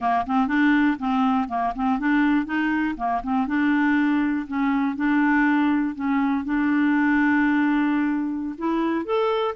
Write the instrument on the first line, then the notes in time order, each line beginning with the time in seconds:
clarinet
0.00 A#3
0.26 C4
0.47 D4
0.98 C4
1.48 A#3
1.75 C4
1.99 D4
2.45 D#4
2.96 A#3
3.23 C4
3.47 D4
4.47 C#4
4.96 D4
5.95 C#4
6.44 D4
8.57 E4
9.05 A4